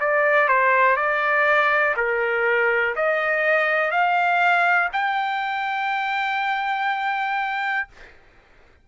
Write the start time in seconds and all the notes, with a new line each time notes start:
0.00 D5
0.48 C5
0.96 D5
1.97 A#4
2.96 D#5
3.91 F5
4.93 G5